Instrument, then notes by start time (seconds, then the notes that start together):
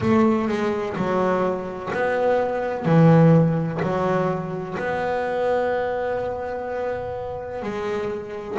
double bass
0.00 A3
0.48 G#3
0.96 F#3
1.93 B3
2.85 E3
3.82 F#3
4.78 B3
7.62 G#3